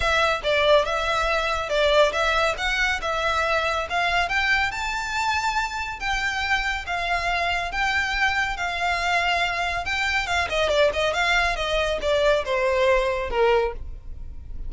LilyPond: \new Staff \with { instrumentName = "violin" } { \time 4/4 \tempo 4 = 140 e''4 d''4 e''2 | d''4 e''4 fis''4 e''4~ | e''4 f''4 g''4 a''4~ | a''2 g''2 |
f''2 g''2 | f''2. g''4 | f''8 dis''8 d''8 dis''8 f''4 dis''4 | d''4 c''2 ais'4 | }